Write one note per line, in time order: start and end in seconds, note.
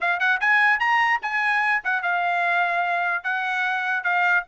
0.01 0.19 F5
0.19 0.39 F#5
0.40 0.79 G#5
0.79 1.20 A#5
1.22 1.82 G#5
1.84 2.02 F#5
2.02 3.23 F5
3.23 4.03 F#5
4.03 4.44 F5